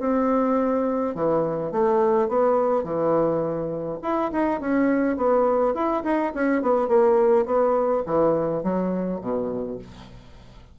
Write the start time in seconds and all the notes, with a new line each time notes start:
0.00 C4
1.15 E3
1.72 A3
2.29 B3
2.84 E3
4.03 E4
4.32 D#4
4.61 C#4
5.17 B3
5.75 E4
6.04 D#4
6.35 C#4
6.62 B3
6.88 A#3
7.46 B3
8.07 E3
8.64 F#3
9.21 B2